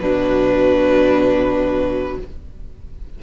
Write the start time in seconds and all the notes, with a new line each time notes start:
0.00 B2 F#3 D4 B4